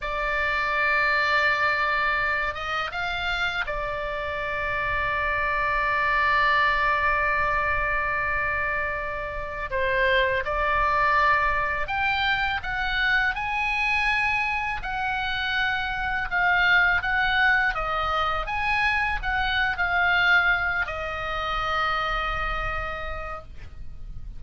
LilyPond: \new Staff \with { instrumentName = "oboe" } { \time 4/4 \tempo 4 = 82 d''2.~ d''8 dis''8 | f''4 d''2.~ | d''1~ | d''4~ d''16 c''4 d''4.~ d''16~ |
d''16 g''4 fis''4 gis''4.~ gis''16~ | gis''16 fis''2 f''4 fis''8.~ | fis''16 dis''4 gis''4 fis''8. f''4~ | f''8 dis''2.~ dis''8 | }